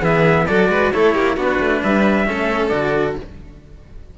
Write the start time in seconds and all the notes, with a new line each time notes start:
0.00 E3 B3 G#4 E5
0.47 F#3 F#4 A4 D5
0.69 G#3 B4
0.93 A3 E4 A4 C#5
1.14 A#3 G4
1.36 B3 D4 F#4 B4
1.60 A3
1.82 G3 B4 E5
2.26 A3 C#4 A4
2.69 D3 F#4 D5